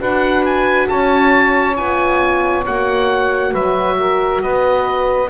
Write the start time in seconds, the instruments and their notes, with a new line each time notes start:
0.00 double bass D4, horn F#4, saxophone B4, oboe F#5
0.46 oboe G#5
0.89 double bass C#4, saxophone C#5, oboe A5
1.77 double bass B3, horn F4, oboe G#5
2.66 double bass A#3, horn F#4, oboe F#5
3.52 double bass F#3, saxophone B4, oboe E5
3.99 saxophone A#4
4.42 double bass B3, saxophone B4, oboe D#5